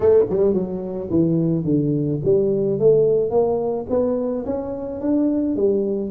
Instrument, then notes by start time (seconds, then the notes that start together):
tuba
0.00 A3
0.29 G3
0.53 F#3
1.10 E3
1.64 D3
2.24 G3
2.79 A3
3.30 A#3
3.89 B3
4.45 C#4
5.01 D4
5.56 G3